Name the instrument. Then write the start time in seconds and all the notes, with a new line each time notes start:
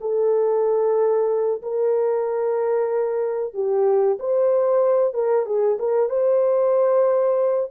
horn
0.00 A4
1.62 A#4
3.53 G4
4.19 C5
5.13 A#4
5.45 G#4
5.79 A#4
6.09 C5